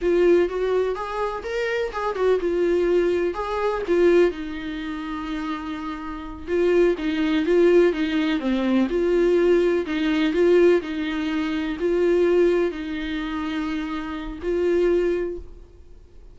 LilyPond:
\new Staff \with { instrumentName = "viola" } { \time 4/4 \tempo 4 = 125 f'4 fis'4 gis'4 ais'4 | gis'8 fis'8 f'2 gis'4 | f'4 dis'2.~ | dis'4. f'4 dis'4 f'8~ |
f'8 dis'4 c'4 f'4.~ | f'8 dis'4 f'4 dis'4.~ | dis'8 f'2 dis'4.~ | dis'2 f'2 | }